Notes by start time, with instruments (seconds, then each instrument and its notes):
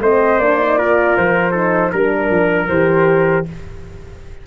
0.00 tuba A3, horn C4, trumpet C5, flute D#5
0.38 tuba A#3, horn D4, flute D5
0.59 horn D#4
0.77 horn F4, trumpet A#4
1.17 tuba F3, flute C5
1.52 horn D#4, trumpet A4
1.92 tuba G3, horn D4, trumpet A#4, flute A#4
2.30 tuba F3
2.68 tuba E3, horn G4, flute C5